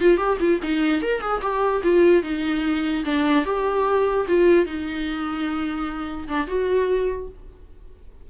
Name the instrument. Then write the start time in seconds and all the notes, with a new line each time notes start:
viola
0.00 F4
0.17 G4
0.40 F4
0.62 D#4
1.02 A#4
1.21 G#4
1.41 G4
1.83 F4
2.23 D#4
3.04 D4
3.45 G4
4.28 F4
4.65 D#4
6.28 D4
6.47 F#4